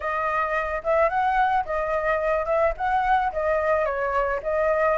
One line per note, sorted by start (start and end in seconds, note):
0.00 0.82 D#5
0.83 1.09 E5
1.09 1.64 F#5
1.65 2.45 D#5
2.45 2.73 E5
2.77 3.32 F#5
3.32 3.85 D#5
3.85 4.40 C#5
4.42 4.97 D#5